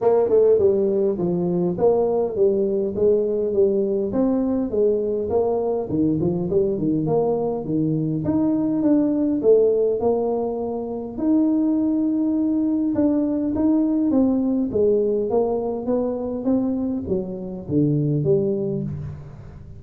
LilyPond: \new Staff \with { instrumentName = "tuba" } { \time 4/4 \tempo 4 = 102 ais8 a8 g4 f4 ais4 | g4 gis4 g4 c'4 | gis4 ais4 dis8 f8 g8 dis8 | ais4 dis4 dis'4 d'4 |
a4 ais2 dis'4~ | dis'2 d'4 dis'4 | c'4 gis4 ais4 b4 | c'4 fis4 d4 g4 | }